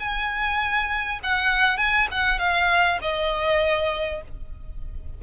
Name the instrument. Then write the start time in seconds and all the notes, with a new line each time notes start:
violin
0.00 G#5
1.24 F#5
1.78 G#5
2.11 F#5
2.39 F5
3.02 D#5